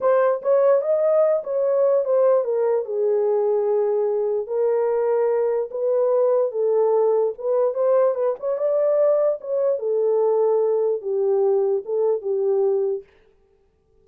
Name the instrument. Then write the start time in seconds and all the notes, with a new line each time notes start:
horn
0.00 C5
0.42 C#5
0.81 D#5
1.43 C#5
2.04 C5
2.44 A#4
2.85 G#4
4.47 A#4
5.71 B4
6.51 A4
7.37 B4
7.73 C5
8.14 B4
8.39 C#5
8.57 D5
9.40 C#5
9.78 A4
11.01 G4
11.85 A4
12.21 G4